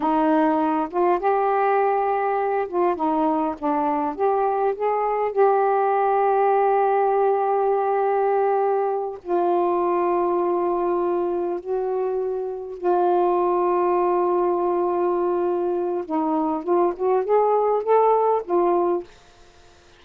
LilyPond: \new Staff \with { instrumentName = "saxophone" } { \time 4/4 \tempo 4 = 101 dis'4. f'8 g'2~ | g'8 f'8 dis'4 d'4 g'4 | gis'4 g'2.~ | g'2.~ g'8 f'8~ |
f'2.~ f'8 fis'8~ | fis'4. f'2~ f'8~ | f'2. dis'4 | f'8 fis'8 gis'4 a'4 f'4 | }